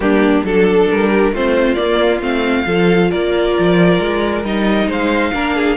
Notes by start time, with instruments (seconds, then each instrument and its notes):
0.00 cello G3, viola A#3, violin D4 G4
0.42 cello F#3, viola D4, violin A4
0.90 cello G3, violin A#4
1.09 violin G4
1.31 cello A3, viola C4, violin F4 C5
1.74 viola A#3, cello A#3, violin D5
2.21 cello A3, viola C4, violin F5
2.65 cello F3, viola F4, violin A4
3.10 cello A#3, violin A#4 D5
3.58 cello F3
3.99 cello G#3
4.43 cello G3, viola D#4, violin D#5
4.86 cello G#3, violin C5 F5
5.33 cello A#3, viola D4, violin A#4
5.55 violin G#4